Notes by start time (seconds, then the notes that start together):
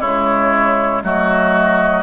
0.00 C#3 G#3 E4 C#5
1.03 F#3 A3 F#4 D#5